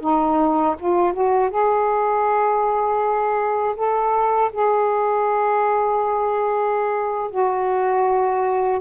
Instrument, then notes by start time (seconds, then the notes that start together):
saxophone
0.00 D#4
0.79 F4
1.13 F#4
1.50 G#4
3.76 A4
4.52 G#4
7.31 F#4